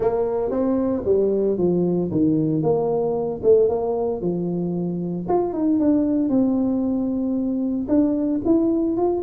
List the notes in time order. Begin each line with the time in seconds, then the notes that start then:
0.00 A#3
0.50 C4
1.05 G3
1.57 F3
2.11 D#3
2.62 A#3
3.43 A3
3.68 A#3
4.21 F3
5.28 F4
5.53 D#4
5.79 D4
6.29 C4
7.88 D4
8.45 E4
8.96 F4